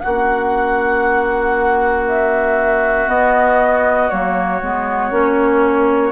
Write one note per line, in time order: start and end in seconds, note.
0.00 3.07 A#3
0.00 3.07 C#4
0.00 6.12 F#4
0.00 2.03 F#5
2.08 3.08 E5
3.07 4.08 B3
3.07 4.09 B3
3.07 4.09 D#5
4.09 4.62 F#3
4.09 4.61 A#3
4.09 6.12 C#5
4.62 5.11 G#3
4.62 5.11 B3
5.11 6.12 A#3
5.11 6.12 C#4